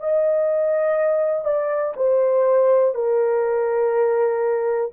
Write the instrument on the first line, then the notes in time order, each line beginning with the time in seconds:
horn
0.00 D#5
1.45 D5
1.96 C5
2.95 A#4